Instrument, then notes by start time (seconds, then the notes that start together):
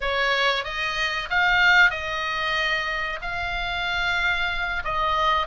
oboe
0.00 C#5
0.64 D#5
1.29 F5
1.90 D#5
3.21 F5
4.84 D#5